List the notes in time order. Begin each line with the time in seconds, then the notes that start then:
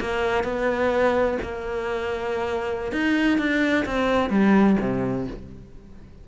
0.00 A#3
0.44 B3
1.42 A#3
2.92 D#4
3.38 D4
3.86 C4
4.30 G3
4.80 C3